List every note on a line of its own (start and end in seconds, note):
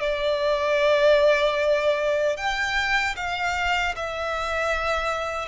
0.00 2.36 D5
2.36 3.15 G5
3.16 3.95 F5
3.95 5.48 E5